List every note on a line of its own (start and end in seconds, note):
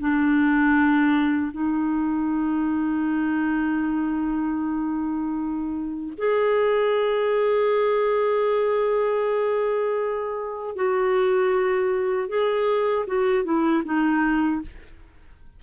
0.00 1.52 D4
1.52 6.14 D#4
6.18 10.76 G#4
10.76 12.29 F#4
12.29 13.06 G#4
13.07 13.45 F#4
13.45 13.83 E4
13.85 14.62 D#4